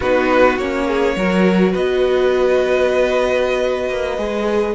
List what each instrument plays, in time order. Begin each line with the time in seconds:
0.00 cello B3, viola D#4, violin F#4 B4
0.58 cello A#3, viola C#4, violin C#5
0.87 violin G#4
1.16 cello F#3, viola F#4, violin A#4
1.72 cello B3, violin B4 D#5
3.89 cello A#3
4.17 cello G#3, viola G#4